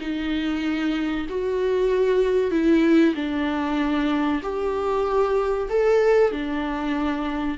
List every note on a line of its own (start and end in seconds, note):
0.00 1.26 D#4
1.29 2.51 F#4
2.51 3.14 E4
3.15 4.41 D4
4.42 5.68 G4
5.69 6.31 A4
6.31 7.58 D4